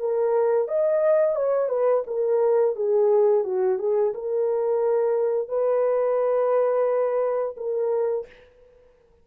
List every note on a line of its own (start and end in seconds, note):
0.00 0.69 A#4
0.69 1.36 D#5
1.36 1.69 C#5
1.69 2.04 B4
2.07 2.76 A#4
2.76 3.45 G#4
3.45 3.79 F#4
3.79 4.13 G#4
4.14 5.49 A#4
5.49 7.55 B4
7.57 8.26 A#4